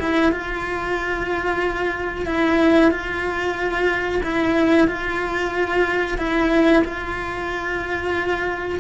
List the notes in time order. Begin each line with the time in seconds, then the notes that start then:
0.00 E4
0.32 F4
2.26 E4
2.92 F4
4.24 E4
4.88 F4
6.19 E4
6.85 F4